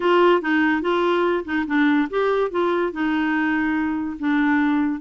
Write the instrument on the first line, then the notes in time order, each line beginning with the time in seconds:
clarinet
0.00 F4
0.41 D#4
0.81 F4
1.45 D#4
1.66 D4
2.09 G4
2.51 F4
2.92 D#4
4.19 D4